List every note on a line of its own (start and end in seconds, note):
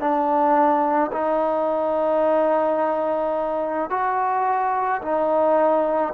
0.00 1.11 D4
1.12 3.90 D#4
3.90 5.01 F#4
5.02 6.13 D#4